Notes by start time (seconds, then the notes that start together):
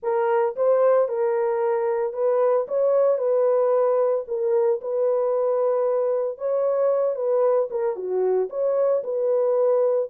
0.02 A#4
0.56 C5
1.08 A#4
2.13 B4
2.67 C#5
3.18 B4
4.27 A#4
4.81 B4
6.38 C#5
7.15 B4
7.70 A#4
7.95 F#4
8.49 C#5
9.03 B4